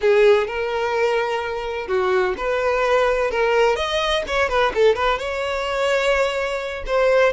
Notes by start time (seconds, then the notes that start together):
0.01 G#4
0.47 A#4
1.87 F#4
2.37 B4
3.30 A#4
3.76 D#5
4.27 C#5
4.48 B4
4.74 A4
4.95 B4
5.18 C#5
6.86 C5